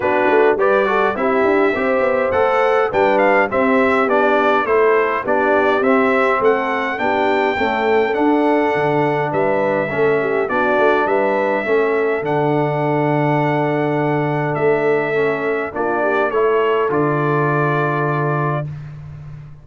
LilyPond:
<<
  \new Staff \with { instrumentName = "trumpet" } { \time 4/4 \tempo 4 = 103 b'4 d''4 e''2 | fis''4 g''8 f''8 e''4 d''4 | c''4 d''4 e''4 fis''4 | g''2 fis''2 |
e''2 d''4 e''4~ | e''4 fis''2.~ | fis''4 e''2 d''4 | cis''4 d''2. | }
  \new Staff \with { instrumentName = "horn" } { \time 4/4 fis'4 b'8 a'8 g'4 c''4~ | c''4 b'4 g'2 | a'4 g'2 a'4 | g'4 a'2. |
b'4 a'8 g'8 fis'4 b'4 | a'1~ | a'2. f'8 g'8 | a'1 | }
  \new Staff \with { instrumentName = "trombone" } { \time 4/4 d'4 g'8 fis'8 e'4 g'4 | a'4 d'4 c'4 d'4 | e'4 d'4 c'2 | d'4 a4 d'2~ |
d'4 cis'4 d'2 | cis'4 d'2.~ | d'2 cis'4 d'4 | e'4 f'2. | }
  \new Staff \with { instrumentName = "tuba" } { \time 4/4 b8 a8 g4 c'8 d'8 c'8 b8 | a4 g4 c'4 b4 | a4 b4 c'4 a4 | b4 cis'4 d'4 d4 |
g4 a4 b8 a8 g4 | a4 d2.~ | d4 a2 ais4 | a4 d2. | }
>>